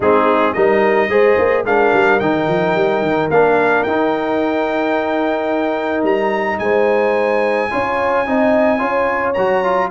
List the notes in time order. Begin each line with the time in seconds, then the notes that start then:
0.00 G#3 C4 D#4 G#4
0.53 G3 D#4 A#4 D#5
1.08 G#3 G#4 C5
1.37 A#3
1.64 G#3 D4 A#4 F5
1.93 G3
2.19 D#3 D#4 G5
2.47 F3
2.75 G3
3.02 D#3
3.30 A#3 D4 F5
3.83 D#4 G5
6.03 G3 A#5
6.58 G#3 C5 G#5
7.70 C#4 F4 C#5
8.26 C4 D#4 D#5
8.78 C#4 F4 C#5
9.33 F#3 F#4 A#5
9.64 F4